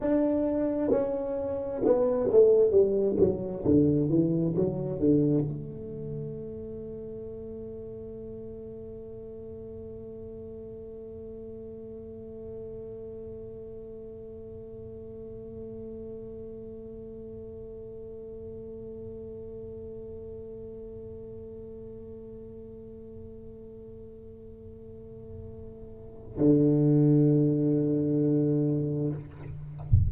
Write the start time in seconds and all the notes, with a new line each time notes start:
0.00 D4
0.90 C#4
1.84 B3
2.31 A3
2.70 G3
3.18 F#3
3.65 D3
4.09 E3
4.55 F#3
4.99 D3
5.48 A3
26.37 D3